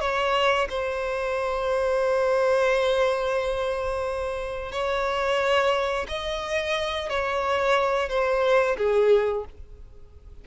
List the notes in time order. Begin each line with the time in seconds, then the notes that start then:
0.00 C#5
0.69 C5
4.71 C#5
6.08 D#5
7.09 C#5
8.09 C5
8.77 G#4